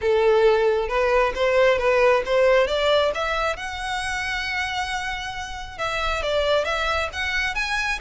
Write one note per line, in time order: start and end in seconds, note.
0.01 0.88 A4
0.88 1.33 B4
1.34 1.78 C5
1.78 2.22 B4
2.25 2.67 C5
2.67 3.11 D5
3.14 3.56 E5
3.56 5.78 F#5
5.78 6.22 E5
6.22 6.64 D5
6.64 7.09 E5
7.12 7.55 F#5
7.55 7.99 G#5